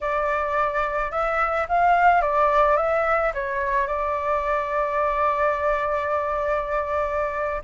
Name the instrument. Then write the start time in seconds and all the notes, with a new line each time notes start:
flute
0.01 D5
1.11 E5
1.68 F5
2.21 D5
2.76 E5
3.34 C#5
3.87 D5